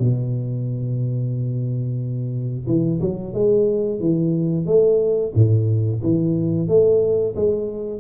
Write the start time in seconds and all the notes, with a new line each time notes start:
0.00 B2
2.67 E3
3.02 F#3
3.34 G#3
4.00 E3
4.67 A3
5.35 A2
6.03 E3
6.68 A3
7.36 G#3